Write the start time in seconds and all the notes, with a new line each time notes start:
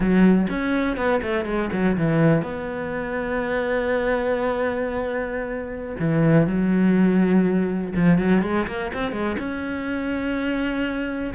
0.00 F#3
0.49 C#4
0.96 B3
1.22 A3
1.45 G#3
1.72 F#3
1.97 E3
2.42 B3
5.99 E3
6.46 F#3
7.95 F3
8.18 F#3
8.42 G#3
8.67 A#3
8.93 C4
9.12 G#3
9.38 C#4